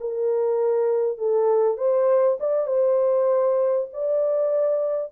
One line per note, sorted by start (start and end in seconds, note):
0.00 1.18 A#4
1.18 1.77 A4
1.77 2.38 C5
2.40 2.67 D5
2.67 3.88 C5
3.93 5.12 D5